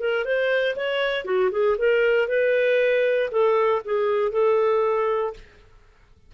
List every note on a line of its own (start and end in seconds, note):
0.00 0.25 A#4
0.25 0.76 C5
0.76 1.25 C#5
1.25 1.50 F#4
1.52 1.77 G#4
1.78 2.29 A#4
2.29 3.30 B4
3.31 3.82 A4
3.85 4.32 G#4
4.32 5.34 A4